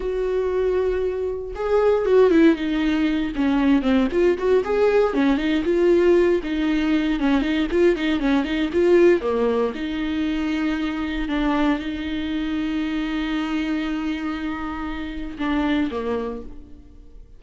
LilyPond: \new Staff \with { instrumentName = "viola" } { \time 4/4 \tempo 4 = 117 fis'2. gis'4 | fis'8 e'8 dis'4. cis'4 c'8 | f'8 fis'8 gis'4 cis'8 dis'8 f'4~ | f'8 dis'4. cis'8 dis'8 f'8 dis'8 |
cis'8 dis'8 f'4 ais4 dis'4~ | dis'2 d'4 dis'4~ | dis'1~ | dis'2 d'4 ais4 | }